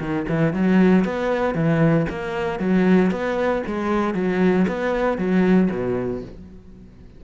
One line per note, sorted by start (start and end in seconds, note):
0.00 0.26 D#3
0.29 0.53 E3
0.53 1.05 F#3
1.05 1.54 B3
1.54 2.06 E3
2.09 2.60 A#3
2.60 3.11 F#3
3.11 3.63 B3
3.67 4.14 G#3
4.14 4.66 F#3
4.68 5.18 B3
5.18 5.69 F#3
5.71 6.22 B2